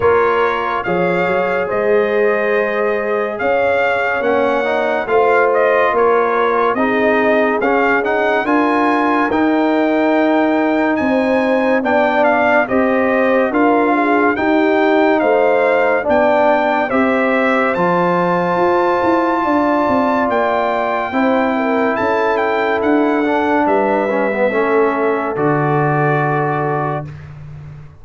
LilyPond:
<<
  \new Staff \with { instrumentName = "trumpet" } { \time 4/4 \tempo 4 = 71 cis''4 f''4 dis''2 | f''4 fis''4 f''8 dis''8 cis''4 | dis''4 f''8 fis''8 gis''4 g''4~ | g''4 gis''4 g''8 f''8 dis''4 |
f''4 g''4 f''4 g''4 | e''4 a''2. | g''2 a''8 g''8 fis''4 | e''2 d''2 | }
  \new Staff \with { instrumentName = "horn" } { \time 4/4 ais'4 cis''4 c''2 | cis''2 c''4 ais'4 | gis'2 ais'2~ | ais'4 c''4 d''4 c''4 |
ais'8 gis'8 g'4 c''4 d''4 | c''2. d''4~ | d''4 c''8 ais'8 a'2 | b'4 a'2. | }
  \new Staff \with { instrumentName = "trombone" } { \time 4/4 f'4 gis'2.~ | gis'4 cis'8 dis'8 f'2 | dis'4 cis'8 dis'8 f'4 dis'4~ | dis'2 d'4 g'4 |
f'4 dis'2 d'4 | g'4 f'2.~ | f'4 e'2~ e'8 d'8~ | d'8 cis'16 b16 cis'4 fis'2 | }
  \new Staff \with { instrumentName = "tuba" } { \time 4/4 ais4 f8 fis8 gis2 | cis'4 ais4 a4 ais4 | c'4 cis'4 d'4 dis'4~ | dis'4 c'4 b4 c'4 |
d'4 dis'4 a4 b4 | c'4 f4 f'8 e'8 d'8 c'8 | ais4 c'4 cis'4 d'4 | g4 a4 d2 | }
>>